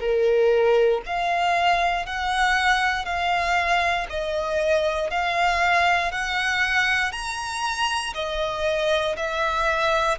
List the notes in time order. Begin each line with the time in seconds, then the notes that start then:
0.00 A#4
1.06 F5
2.06 F#5
3.05 F5
4.10 D#5
5.10 F5
6.11 F#5
7.12 A#5
8.14 D#5
9.16 E5